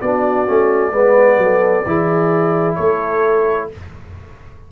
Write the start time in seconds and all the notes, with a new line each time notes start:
0.00 B3 D4 F#4 D5
0.46 A3 C#4
0.92 G#3 B3 B4
1.37 F#3 A4
1.85 E3 E4 G#4
2.75 A3 A4 C#5